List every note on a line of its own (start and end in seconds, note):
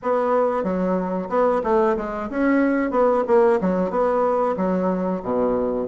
0.02 0.63 B3
0.63 1.28 F#3
1.29 1.61 B3
1.63 1.96 A3
1.97 2.29 G#3
2.30 2.91 C#4
2.91 3.23 B3
3.27 3.59 A#3
3.60 3.90 F#3
3.90 4.55 B3
4.57 5.22 F#3
5.23 5.87 B2